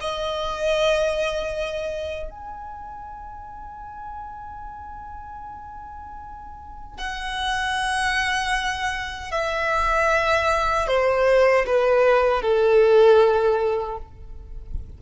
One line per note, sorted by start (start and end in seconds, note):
0.00 2.30 D#5
2.30 6.97 G#5
6.97 9.31 F#5
9.31 10.87 E5
10.87 11.65 C5
11.66 12.41 B4
12.41 13.97 A4